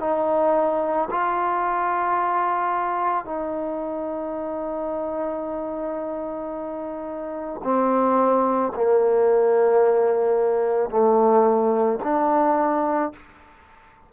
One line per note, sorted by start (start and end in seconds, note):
0.00 1.09 D#4
1.11 3.25 F4
3.25 7.62 D#4
7.64 8.73 C4
8.76 10.90 A#3
10.90 11.99 A3
12.04 13.13 D4